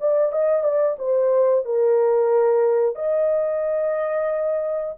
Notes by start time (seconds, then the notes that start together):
0.00 D5
0.32 D#5
0.63 D5
0.98 C5
1.65 A#4
2.95 D#5